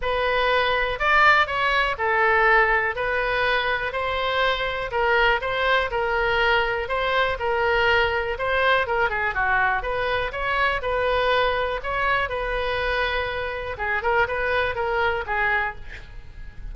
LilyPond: \new Staff \with { instrumentName = "oboe" } { \time 4/4 \tempo 4 = 122 b'2 d''4 cis''4 | a'2 b'2 | c''2 ais'4 c''4 | ais'2 c''4 ais'4~ |
ais'4 c''4 ais'8 gis'8 fis'4 | b'4 cis''4 b'2 | cis''4 b'2. | gis'8 ais'8 b'4 ais'4 gis'4 | }